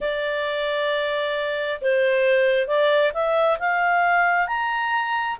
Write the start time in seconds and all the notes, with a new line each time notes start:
0.00 D5
1.81 C5
2.67 D5
3.13 E5
3.59 F5
4.47 A#5